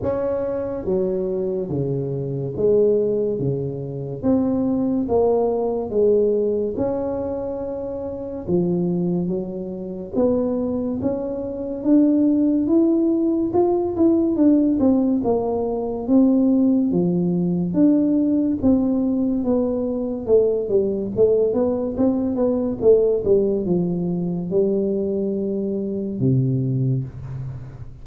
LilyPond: \new Staff \with { instrumentName = "tuba" } { \time 4/4 \tempo 4 = 71 cis'4 fis4 cis4 gis4 | cis4 c'4 ais4 gis4 | cis'2 f4 fis4 | b4 cis'4 d'4 e'4 |
f'8 e'8 d'8 c'8 ais4 c'4 | f4 d'4 c'4 b4 | a8 g8 a8 b8 c'8 b8 a8 g8 | f4 g2 c4 | }